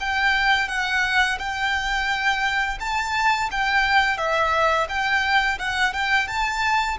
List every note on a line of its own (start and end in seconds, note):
0.00 0.68 G5
0.68 1.38 F#5
1.38 2.78 G5
2.80 3.49 A5
3.51 4.17 G5
4.17 4.87 E5
4.88 5.58 G5
5.58 5.93 F#5
5.93 6.28 G5
6.28 6.97 A5